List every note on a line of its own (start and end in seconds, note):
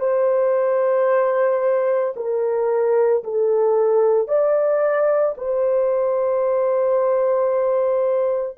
0.00 2.14 C5
2.16 3.23 A#4
3.24 4.28 A4
4.28 5.35 D5
5.37 8.58 C5